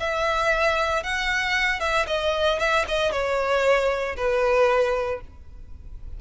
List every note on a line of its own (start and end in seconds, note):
0.00 1.03 E5
1.03 1.80 F#5
1.80 2.06 E5
2.07 2.59 D#5
2.60 2.86 E5
2.88 3.12 D#5
3.12 4.16 C#5
4.17 5.21 B4